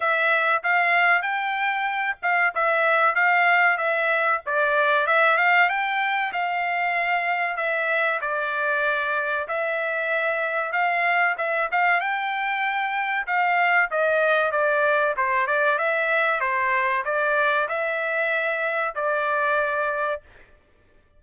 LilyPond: \new Staff \with { instrumentName = "trumpet" } { \time 4/4 \tempo 4 = 95 e''4 f''4 g''4. f''8 | e''4 f''4 e''4 d''4 | e''8 f''8 g''4 f''2 | e''4 d''2 e''4~ |
e''4 f''4 e''8 f''8 g''4~ | g''4 f''4 dis''4 d''4 | c''8 d''8 e''4 c''4 d''4 | e''2 d''2 | }